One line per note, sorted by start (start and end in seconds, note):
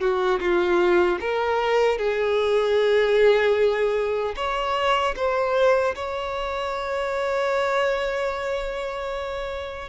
0.00 0.39 F#4
0.39 1.18 F4
1.20 1.97 A#4
1.97 4.34 G#4
4.35 5.14 C#5
5.16 5.95 C5
5.95 9.89 C#5